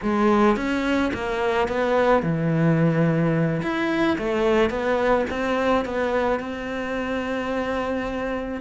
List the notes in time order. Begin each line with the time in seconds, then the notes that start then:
0.02 G#3
0.56 C#4
1.13 A#3
1.67 B3
2.22 E3
3.62 E4
4.18 A3
4.69 B3
5.30 C4
5.85 B3
6.39 C4